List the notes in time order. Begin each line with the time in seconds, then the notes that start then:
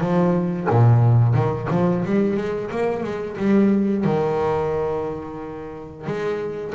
0.00 F3
0.70 A#2
1.34 D#3
1.70 F3
2.04 G3
2.36 G#3
2.70 A#3
3.03 G#3
3.37 G3
4.04 D#3
6.06 G#3